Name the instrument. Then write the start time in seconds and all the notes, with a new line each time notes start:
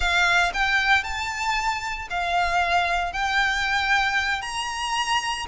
violin
0.00 F5
0.53 G5
1.03 A5
2.10 F5
3.12 G5
4.41 A#5